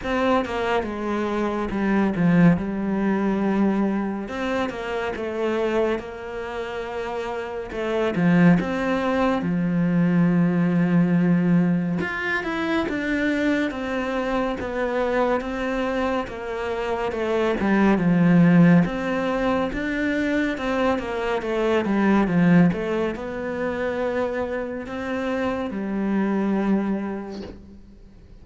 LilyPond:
\new Staff \with { instrumentName = "cello" } { \time 4/4 \tempo 4 = 70 c'8 ais8 gis4 g8 f8 g4~ | g4 c'8 ais8 a4 ais4~ | ais4 a8 f8 c'4 f4~ | f2 f'8 e'8 d'4 |
c'4 b4 c'4 ais4 | a8 g8 f4 c'4 d'4 | c'8 ais8 a8 g8 f8 a8 b4~ | b4 c'4 g2 | }